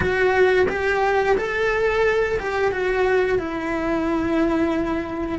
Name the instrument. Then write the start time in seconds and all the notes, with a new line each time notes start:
cello
0.00 F#4
0.69 G4
1.37 A4
2.39 G4
2.71 F#4
3.38 E4